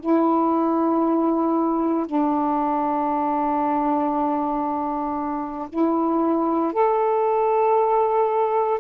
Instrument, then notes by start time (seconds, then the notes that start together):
saxophone
0.00 E4
2.06 D4
5.69 E4
6.73 A4